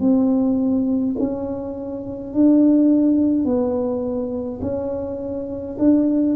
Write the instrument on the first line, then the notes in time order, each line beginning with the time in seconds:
tuba
0.00 C4
1.19 C#4
2.33 D4
3.44 B3
4.62 C#4
5.78 D4